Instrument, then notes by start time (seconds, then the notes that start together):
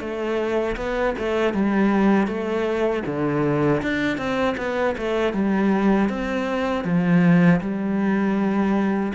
cello
0.00 A3
0.77 B3
1.18 A3
1.54 G3
2.27 A3
3.06 D3
3.83 D4
4.18 C4
4.57 B3
4.97 A3
5.33 G3
6.09 C4
6.84 F3
7.61 G3